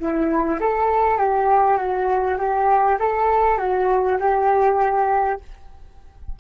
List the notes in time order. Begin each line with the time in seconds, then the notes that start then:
0.00 E4
0.61 A4
1.18 G4
1.78 F#4
2.38 G4
2.99 A4
3.58 F#4
4.20 G4